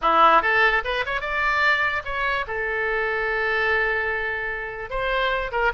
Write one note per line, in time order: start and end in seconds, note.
0.01 0.42 E4
0.42 0.83 A4
0.84 1.04 B4
1.05 1.20 C#5
1.20 2.02 D5
2.04 2.45 C#5
2.47 4.90 A4
4.90 5.51 C5
5.51 5.72 A#4